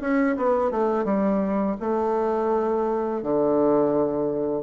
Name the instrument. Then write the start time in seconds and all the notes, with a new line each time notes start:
bassoon
0.00 C#4
0.36 B3
0.71 A3
1.05 G3
1.80 A3
3.22 D3